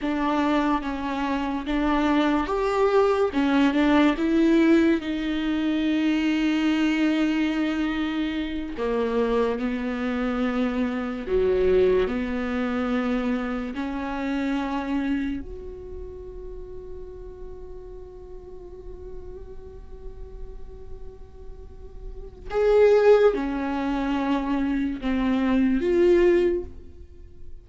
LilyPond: \new Staff \with { instrumentName = "viola" } { \time 4/4 \tempo 4 = 72 d'4 cis'4 d'4 g'4 | cis'8 d'8 e'4 dis'2~ | dis'2~ dis'8 ais4 b8~ | b4. fis4 b4.~ |
b8 cis'2 fis'4.~ | fis'1~ | fis'2. gis'4 | cis'2 c'4 f'4 | }